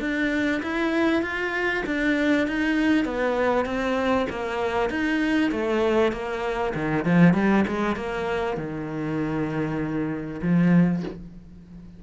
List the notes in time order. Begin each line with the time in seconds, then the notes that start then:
0.00 D4
0.62 E4
1.22 F4
1.86 D4
2.47 D#4
3.05 B3
3.65 C4
4.29 A#3
4.90 D#4
5.51 A3
6.12 A#3
6.74 D#3
7.05 F3
7.34 G3
7.67 G#3
7.95 A#3
8.57 D#3
10.41 F3